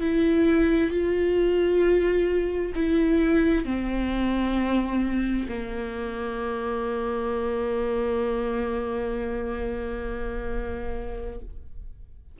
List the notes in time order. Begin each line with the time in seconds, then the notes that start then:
0.00 E4
0.90 F4
2.75 E4
3.65 C4
5.48 A#3